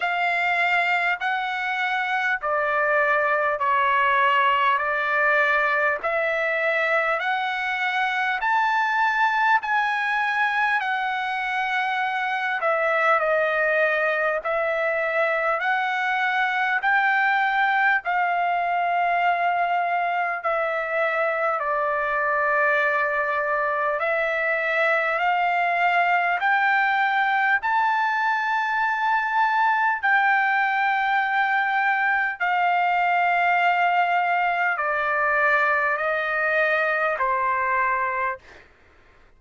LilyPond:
\new Staff \with { instrumentName = "trumpet" } { \time 4/4 \tempo 4 = 50 f''4 fis''4 d''4 cis''4 | d''4 e''4 fis''4 a''4 | gis''4 fis''4. e''8 dis''4 | e''4 fis''4 g''4 f''4~ |
f''4 e''4 d''2 | e''4 f''4 g''4 a''4~ | a''4 g''2 f''4~ | f''4 d''4 dis''4 c''4 | }